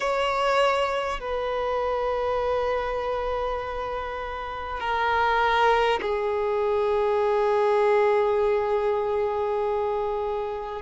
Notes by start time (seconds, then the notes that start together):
0.00 C#5
1.19 B4
4.80 A#4
6.01 G#4